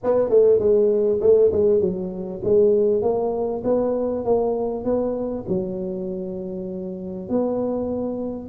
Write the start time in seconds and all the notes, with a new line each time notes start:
0.03 B3
0.29 A3
0.59 G#3
1.20 A3
1.52 G#3
1.80 F#3
2.44 G#3
3.02 A#3
3.64 B3
4.24 A#3
4.84 B3
5.48 F#3
7.29 B3